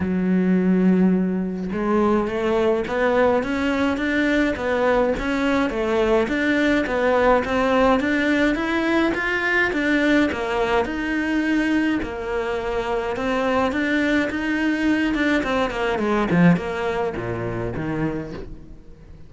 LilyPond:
\new Staff \with { instrumentName = "cello" } { \time 4/4 \tempo 4 = 105 fis2. gis4 | a4 b4 cis'4 d'4 | b4 cis'4 a4 d'4 | b4 c'4 d'4 e'4 |
f'4 d'4 ais4 dis'4~ | dis'4 ais2 c'4 | d'4 dis'4. d'8 c'8 ais8 | gis8 f8 ais4 ais,4 dis4 | }